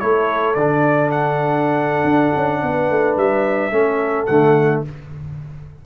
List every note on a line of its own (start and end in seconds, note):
0.00 0.56 A3
0.00 0.56 E4
0.00 2.61 A4
0.00 0.55 C#5
0.55 2.04 D3
0.55 3.72 D4
0.55 1.10 D5
1.11 3.18 F#5
2.04 2.31 D4
2.36 2.63 C#4
2.63 2.90 B3
2.63 3.73 B4
2.90 3.17 A3
3.17 3.72 G3
3.17 4.26 E5
3.72 4.27 A3
3.72 4.27 C#4
3.72 4.83 A4
4.26 4.84 D3
4.26 4.86 A3
4.26 4.81 F#5